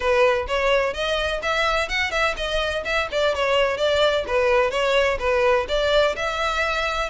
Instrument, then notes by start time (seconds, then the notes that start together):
violin
0.00 B4
0.47 C#5
0.93 D#5
1.42 E5
1.88 F#5
2.11 E5
2.36 D#5
2.84 E5
3.11 D5
3.34 C#5
3.77 D5
4.27 B4
4.70 C#5
5.19 B4
5.68 D5
6.16 E5